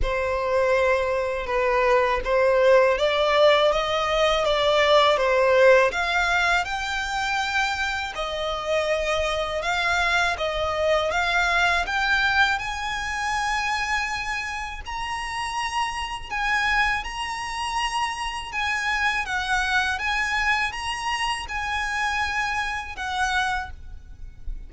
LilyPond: \new Staff \with { instrumentName = "violin" } { \time 4/4 \tempo 4 = 81 c''2 b'4 c''4 | d''4 dis''4 d''4 c''4 | f''4 g''2 dis''4~ | dis''4 f''4 dis''4 f''4 |
g''4 gis''2. | ais''2 gis''4 ais''4~ | ais''4 gis''4 fis''4 gis''4 | ais''4 gis''2 fis''4 | }